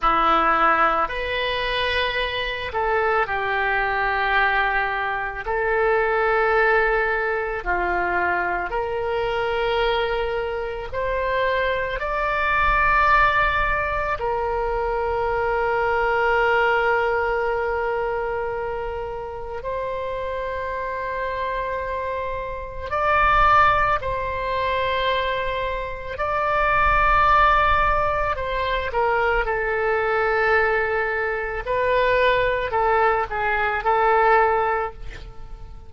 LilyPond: \new Staff \with { instrumentName = "oboe" } { \time 4/4 \tempo 4 = 55 e'4 b'4. a'8 g'4~ | g'4 a'2 f'4 | ais'2 c''4 d''4~ | d''4 ais'2.~ |
ais'2 c''2~ | c''4 d''4 c''2 | d''2 c''8 ais'8 a'4~ | a'4 b'4 a'8 gis'8 a'4 | }